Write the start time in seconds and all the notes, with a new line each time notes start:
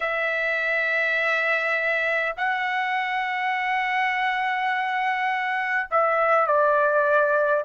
0.00 E5
2.36 F#5
5.91 E5
6.46 D5